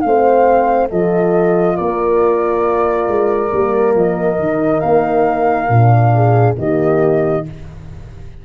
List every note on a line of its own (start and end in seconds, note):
0.00 0.91 A3
0.00 0.91 C4
0.00 0.90 C5
0.00 0.87 F5
0.90 1.78 F3
0.90 3.51 F4
0.90 1.77 A4
0.90 1.76 D#5
1.76 3.07 A#3
1.76 6.11 A#4
1.76 3.93 D5
3.07 3.51 G#3
3.51 3.95 G3
3.51 4.37 A#3
3.95 4.38 F3
3.95 4.80 D#5
4.37 4.82 D#3
4.37 5.68 D#4
4.80 5.68 A#3
4.80 6.54 F5
5.68 6.55 A#2
5.68 6.57 D4
6.14 6.58 G#4
6.57 7.44 D#3
6.57 7.45 A#3
6.57 7.45 G4
6.57 7.45 D#5